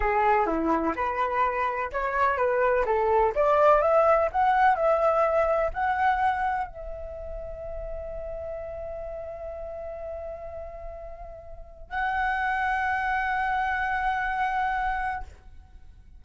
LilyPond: \new Staff \with { instrumentName = "flute" } { \time 4/4 \tempo 4 = 126 gis'4 e'4 b'2 | cis''4 b'4 a'4 d''4 | e''4 fis''4 e''2 | fis''2 e''2~ |
e''1~ | e''1~ | e''4 fis''2.~ | fis''1 | }